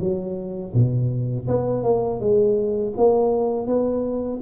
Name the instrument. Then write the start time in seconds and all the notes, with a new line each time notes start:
tuba
0.00 F#3
0.74 B2
1.48 B3
1.84 A#3
2.21 G#3
2.97 A#3
3.67 B3